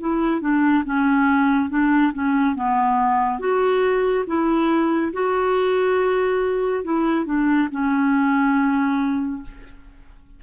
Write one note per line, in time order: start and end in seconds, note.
0.00 0.41 E4
0.41 0.84 D4
0.85 1.70 C#4
1.70 2.13 D4
2.13 2.55 C#4
2.55 3.39 B3
3.39 4.25 F#4
4.27 5.13 E4
5.13 6.84 F#4
6.84 7.25 E4
7.25 7.68 D4
7.71 9.42 C#4